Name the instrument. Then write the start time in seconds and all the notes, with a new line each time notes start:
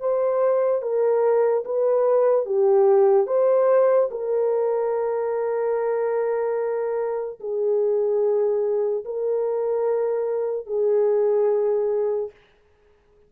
horn
0.00 C5
0.82 A#4
1.65 B4
2.46 G4
3.27 C5
4.11 A#4
7.40 G#4
9.05 A#4
10.67 G#4